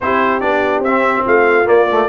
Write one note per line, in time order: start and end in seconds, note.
0.00 0.42 C4
0.00 0.41 E4
0.00 1.24 G4
0.00 0.40 C5
0.40 0.79 B3
0.40 0.83 D4
0.40 0.82 D5
0.79 1.21 C4
0.79 1.25 E5
0.88 1.65 C4
1.24 1.68 A3
1.24 2.08 F4
1.24 1.67 F5
1.65 1.86 A#3
1.65 2.08 A#3
1.65 2.08 D5
1.91 2.08 A3